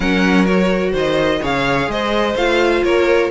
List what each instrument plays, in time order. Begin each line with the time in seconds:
0.00 cello F#3, viola C#4, violin A#4 F#5
0.45 viola F#4, violin C#5
0.92 cello D#3, violin C5 D#5
1.41 cello C#3, viola G#4, violin C#5 F5
1.87 cello G#3, violin C5 D#5
2.35 cello A3, viola F4, violin F5
2.83 cello A#3, violin A#4 C#5